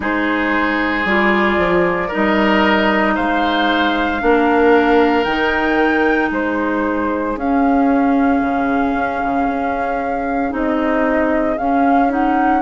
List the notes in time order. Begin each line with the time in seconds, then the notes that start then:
0.00 G#3 D#4 G#4 C5
1.04 G3 F4 D5
1.57 F3
2.07 D#4 A#4
2.14 G3 D#5
3.15 G#3 C5 F5
4.20 A#3 D4 A#4
5.23 D#3 D#4 G5
6.28 G#3 G#4 C5
7.36 C#4 F5
8.41 C#3
8.94 C#4
9.23 C#3
9.47 C#4
10.49 C4 D#4 D#5
11.57 C#4 F5
12.09 D#4 F#5